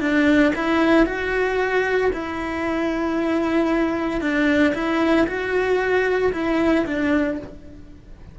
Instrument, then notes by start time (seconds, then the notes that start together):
cello
0.00 D4
0.56 E4
1.06 F#4
2.13 E4
4.21 D4
4.74 E4
5.27 F#4
6.33 E4
6.86 D4